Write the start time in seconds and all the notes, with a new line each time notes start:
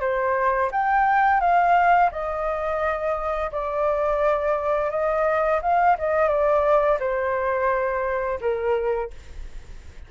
0.00 C5
0.71 G5
1.40 F5
2.11 D#5
3.51 D5
4.90 D#5
5.62 F5
5.98 D#5
6.28 D5
6.99 C5
8.40 A#4